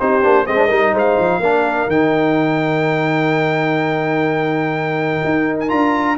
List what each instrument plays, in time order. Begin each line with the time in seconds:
0.00 tuba C4, trombone D#4, horn G4, trumpet C5
0.23 tuba A#3, trombone D4
0.47 tuba G#3, trombone C4, horn C5, trumpet D#5
0.56 trombone D4
0.69 tuba G3, trombone D#4, horn A#4
0.94 tuba G#3, horn C5, trumpet F5
1.19 tuba F3
1.40 tuba A#3, trombone D4, horn A#4
1.87 tuba D#3, trombone D#4, trumpet G5
5.25 tuba D#4
5.60 trumpet G#5
5.69 tuba D4, trombone F4, trumpet A#5